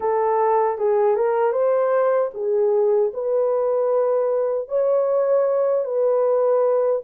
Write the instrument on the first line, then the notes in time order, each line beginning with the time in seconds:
horn
0.00 A4
0.78 G#4
1.15 A#4
1.52 C5
2.34 G#4
3.13 B4
4.68 C#5
5.84 B4